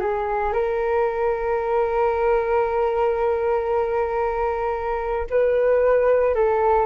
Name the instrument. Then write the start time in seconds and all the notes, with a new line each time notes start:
flute
0.00 G#4
0.53 A#4
5.30 B4
6.35 A4